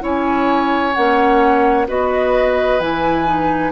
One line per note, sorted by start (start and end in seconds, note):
0.00 0.95 C#4
0.00 0.92 E4
0.00 1.88 C#5
0.00 0.94 G#5
0.94 1.88 A#3
0.94 1.88 C#4
0.94 1.86 F#5
1.88 2.80 B3
1.88 2.80 F#4
1.88 3.72 B4
1.88 2.80 D#5
2.80 3.72 E3
2.80 3.26 E4
2.80 3.72 G#5
3.26 3.72 D#4